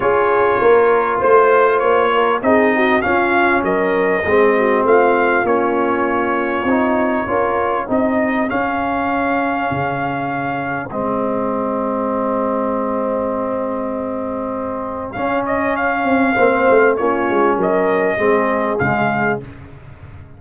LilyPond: <<
  \new Staff \with { instrumentName = "trumpet" } { \time 4/4 \tempo 4 = 99 cis''2 c''4 cis''4 | dis''4 f''4 dis''2 | f''4 cis''2.~ | cis''4 dis''4 f''2~ |
f''2 dis''2~ | dis''1~ | dis''4 f''8 dis''8 f''2 | cis''4 dis''2 f''4 | }
  \new Staff \with { instrumentName = "horn" } { \time 4/4 gis'4 ais'4 c''4. ais'8 | gis'8 fis'8 f'4 ais'4 gis'8 fis'8 | f'1 | ais'4 gis'2.~ |
gis'1~ | gis'1~ | gis'2. c''4 | f'4 ais'4 gis'2 | }
  \new Staff \with { instrumentName = "trombone" } { \time 4/4 f'1 | dis'4 cis'2 c'4~ | c'4 cis'2 dis'4 | f'4 dis'4 cis'2~ |
cis'2 c'2~ | c'1~ | c'4 cis'2 c'4 | cis'2 c'4 gis4 | }
  \new Staff \with { instrumentName = "tuba" } { \time 4/4 cis'4 ais4 a4 ais4 | c'4 cis'4 fis4 gis4 | a4 ais2 c'4 | cis'4 c'4 cis'2 |
cis2 gis2~ | gis1~ | gis4 cis'4. c'8 ais8 a8 | ais8 gis8 fis4 gis4 cis4 | }
>>